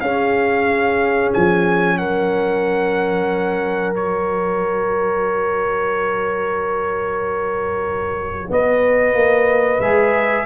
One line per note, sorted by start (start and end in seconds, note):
0.00 1.31 C#4
0.00 3.96 C#4
0.00 1.98 G#4
0.00 1.30 F5
1.33 1.98 F3
1.33 1.98 G#5
1.98 8.50 F#3
1.98 8.50 A#4
1.98 3.93 F#5
3.95 9.82 F#4
3.95 8.52 C#5
8.50 9.14 B3
8.50 10.46 B4
8.50 9.80 D#5
9.14 9.79 A#3
9.79 10.44 G#3
9.79 10.46 G#4
9.79 10.46 E5